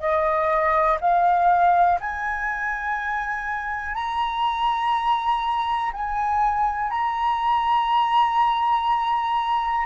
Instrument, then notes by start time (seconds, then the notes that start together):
flute
0.00 D#5
1.01 F5
2.01 G#5
3.95 A#5
5.94 G#5
6.91 A#5